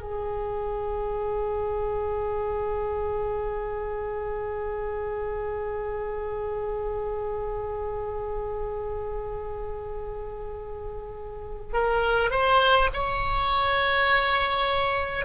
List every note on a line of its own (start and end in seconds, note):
0.00 11.73 G#4
11.73 12.30 A#4
12.30 12.89 C5
12.93 15.25 C#5